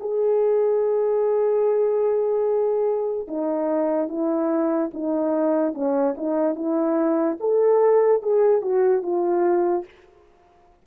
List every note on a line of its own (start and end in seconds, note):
0.00 3.28 G#4
3.28 4.08 D#4
4.08 4.91 E4
4.94 5.74 D#4
5.74 6.15 C#4
6.17 6.55 D#4
6.55 7.37 E4
7.40 8.22 A4
8.22 8.61 G#4
8.61 9.02 F#4
9.02 9.84 F4